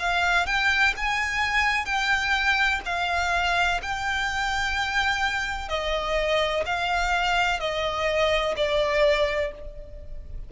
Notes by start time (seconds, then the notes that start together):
0.00 F5
0.47 G5
0.97 G#5
1.86 G5
2.86 F5
3.83 G5
5.69 D#5
6.66 F5
7.60 D#5
8.57 D5